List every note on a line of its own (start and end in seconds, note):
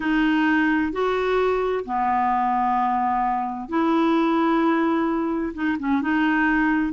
0.00 0.92 D#4
0.92 1.84 F#4
1.85 3.68 B3
3.68 5.53 E4
5.54 5.77 D#4
5.79 6.01 C#4
6.01 6.92 D#4